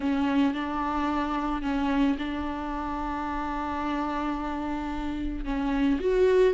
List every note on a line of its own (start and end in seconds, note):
0.00 0.54 C#4
0.54 1.62 D4
1.62 2.16 C#4
2.18 5.44 D4
5.44 5.99 C#4
6.00 6.53 F#4